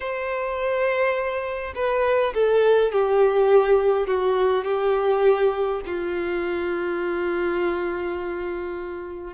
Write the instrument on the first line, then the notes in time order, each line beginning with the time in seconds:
violin
0.00 C5
1.75 B4
2.34 A4
2.92 G4
4.07 F#4
4.64 G4
5.85 F4